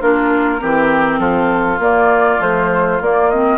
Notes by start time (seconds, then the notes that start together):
0.00 A#3 D4 F4 A#4
0.59 E3 C4 G4
1.19 F3 F4 A4
1.79 A#3 D5
2.39 F3 A3 C5
3.00 A#3 D5
3.30 C4 D#5